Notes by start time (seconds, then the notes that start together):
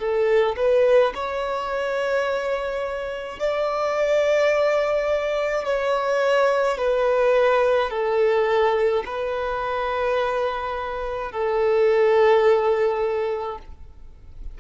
0.00 A4
0.57 B4
1.15 C#5
3.40 D5
5.65 C#5
6.78 B4
7.90 A4
9.06 B4
11.32 A4